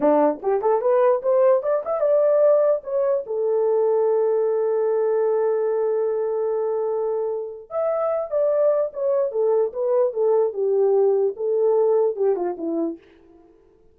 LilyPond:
\new Staff \with { instrumentName = "horn" } { \time 4/4 \tempo 4 = 148 d'4 g'8 a'8 b'4 c''4 | d''8 e''8 d''2 cis''4 | a'1~ | a'1~ |
a'2. e''4~ | e''8 d''4. cis''4 a'4 | b'4 a'4 g'2 | a'2 g'8 f'8 e'4 | }